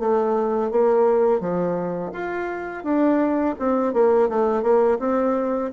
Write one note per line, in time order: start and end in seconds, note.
0.00 0.71 A3
0.72 1.41 A#3
1.41 2.12 F3
2.13 2.84 F4
2.84 3.56 D4
3.59 3.94 C4
3.94 4.29 A#3
4.29 4.63 A3
4.63 4.99 A#3
5.00 5.71 C4